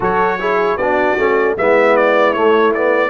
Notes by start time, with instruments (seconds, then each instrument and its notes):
0.00 tuba F#3, trombone F#4, horn A4, trumpet C#5
0.39 trombone E4, horn G#4
0.76 tuba B3, trombone D4, horn F#4, trumpet D5
1.18 tuba A3, trombone C#4
1.57 tuba G#3, trombone B3, horn E4, trumpet E5
1.96 trumpet D5
2.33 tuba A3, trombone A3, trumpet C#5
2.73 trombone B3, trumpet D5